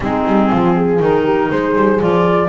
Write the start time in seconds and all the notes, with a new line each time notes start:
0.00 G#3 C4 D#4 G#4
0.25 G3
0.50 F3 F4
0.76 G#4
0.99 D#3 D#4 A#4
1.23 G4
1.50 G#3 G#4 C5
1.75 G3
2.00 F3 F4 D5